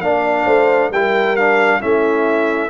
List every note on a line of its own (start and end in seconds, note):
0.00 0.45 A#3
0.00 0.92 D4
0.00 0.45 D5
0.00 0.90 F5
0.45 0.90 A3
0.45 0.90 C5
0.90 1.80 G3
0.90 1.37 E4
0.90 1.79 A#4
0.90 1.36 G5
1.36 1.81 D4
1.36 1.81 F5
1.79 2.69 A3
1.79 2.69 C#4
1.79 2.69 E4
1.79 2.69 E5